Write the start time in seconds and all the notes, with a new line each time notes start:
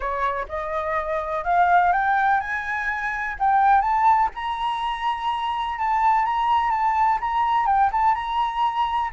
0.00 C#5
0.48 D#5
1.44 F5
1.92 G5
2.40 G#5
3.39 G5
3.81 A5
4.34 A#5
5.78 A5
6.25 A#5
6.70 A5
7.20 A#5
7.66 G5
7.91 A5
8.14 A#5